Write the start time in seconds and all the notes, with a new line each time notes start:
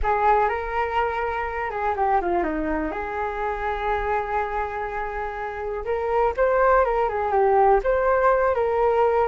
0.02 G#4
0.49 A#4
1.70 G#4
1.96 G4
2.21 F4
2.43 D#4
2.91 G#4
5.84 A#4
6.36 C5
6.84 A#4
7.08 G#4
7.31 G4
7.83 C5
8.55 A#4